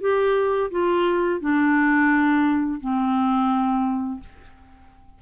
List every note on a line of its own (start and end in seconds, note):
0.00 0.70 G4
0.70 1.40 F4
1.40 2.79 D4
2.80 4.20 C4